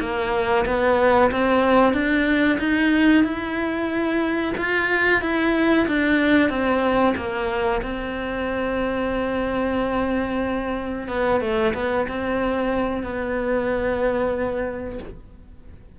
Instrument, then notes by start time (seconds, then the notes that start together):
cello
0.00 A#3
0.66 B3
1.31 C4
1.93 D4
2.59 D#4
3.24 E4
4.57 F4
5.22 E4
5.88 D4
6.50 C4
7.16 A#3
7.82 C4
11.08 B3
11.41 A3
11.74 B3
12.08 C4
13.03 B3